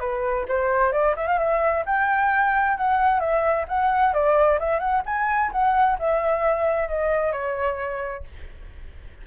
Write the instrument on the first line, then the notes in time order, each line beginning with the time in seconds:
flute
0.00 B4
0.48 C5
0.92 D5
1.16 E5
1.27 F5
1.39 E5
1.86 G5
2.77 F#5
3.20 E5
3.68 F#5
4.13 D5
4.59 E5
4.79 F#5
5.06 G#5
5.52 F#5
5.99 E5
6.88 D#5
7.32 C#5